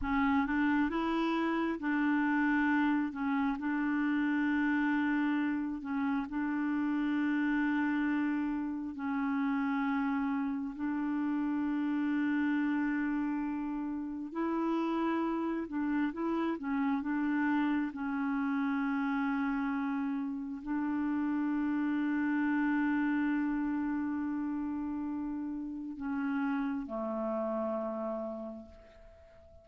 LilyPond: \new Staff \with { instrumentName = "clarinet" } { \time 4/4 \tempo 4 = 67 cis'8 d'8 e'4 d'4. cis'8 | d'2~ d'8 cis'8 d'4~ | d'2 cis'2 | d'1 |
e'4. d'8 e'8 cis'8 d'4 | cis'2. d'4~ | d'1~ | d'4 cis'4 a2 | }